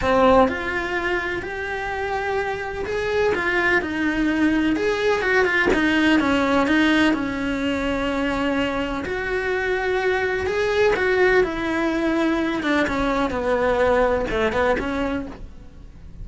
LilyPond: \new Staff \with { instrumentName = "cello" } { \time 4/4 \tempo 4 = 126 c'4 f'2 g'4~ | g'2 gis'4 f'4 | dis'2 gis'4 fis'8 f'8 | dis'4 cis'4 dis'4 cis'4~ |
cis'2. fis'4~ | fis'2 gis'4 fis'4 | e'2~ e'8 d'8 cis'4 | b2 a8 b8 cis'4 | }